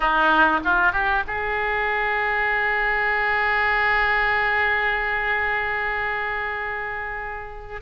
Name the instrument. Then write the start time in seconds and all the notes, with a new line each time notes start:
oboe
0.00 D#4
0.64 F4
0.92 G4
1.27 G#4